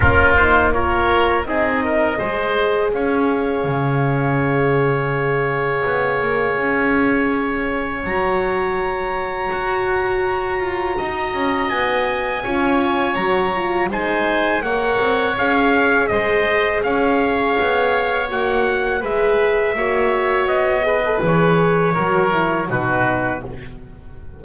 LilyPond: <<
  \new Staff \with { instrumentName = "trumpet" } { \time 4/4 \tempo 4 = 82 ais'8 c''8 cis''4 dis''2 | f''1~ | f''2. ais''4~ | ais''1 |
gis''2 ais''4 gis''4 | fis''4 f''4 dis''4 f''4~ | f''4 fis''4 e''2 | dis''4 cis''2 b'4 | }
  \new Staff \with { instrumentName = "oboe" } { \time 4/4 f'4 ais'4 gis'8 ais'8 c''4 | cis''1~ | cis''1~ | cis''2. dis''4~ |
dis''4 cis''2 c''4 | cis''2 c''4 cis''4~ | cis''2 b'4 cis''4~ | cis''8 b'4. ais'4 fis'4 | }
  \new Staff \with { instrumentName = "horn" } { \time 4/4 cis'8 dis'8 f'4 dis'4 gis'4~ | gis'1~ | gis'2. fis'4~ | fis'1~ |
fis'4 f'4 fis'8 f'8 dis'4 | ais'4 gis'2.~ | gis'4 fis'4 gis'4 fis'4~ | fis'8 gis'16 a'16 gis'4 fis'8 e'8 dis'4 | }
  \new Staff \with { instrumentName = "double bass" } { \time 4/4 ais2 c'4 gis4 | cis'4 cis2. | b8 ais8 cis'2 fis4~ | fis4 fis'4. f'8 dis'8 cis'8 |
b4 cis'4 fis4 gis4 | ais8 c'8 cis'4 gis4 cis'4 | b4 ais4 gis4 ais4 | b4 e4 fis4 b,4 | }
>>